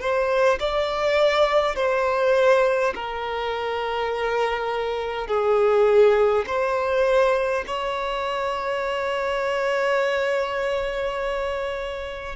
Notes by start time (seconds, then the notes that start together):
0.00 C5
0.60 D5
1.76 C5
2.95 A#4
5.27 G#4
6.47 C5
7.67 C#5